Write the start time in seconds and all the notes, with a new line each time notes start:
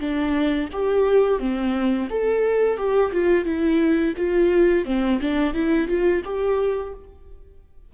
0.00 D4
0.72 G4
1.39 C4
2.10 A4
2.77 G4
3.12 F4
3.45 E4
4.17 F4
4.86 C4
5.21 D4
5.54 E4
5.88 F4
6.25 G4